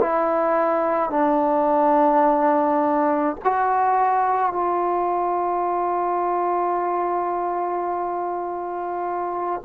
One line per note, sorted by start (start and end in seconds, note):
0.00 1.10 E4
1.10 3.36 D4
3.44 4.52 F#4
4.52 9.61 F4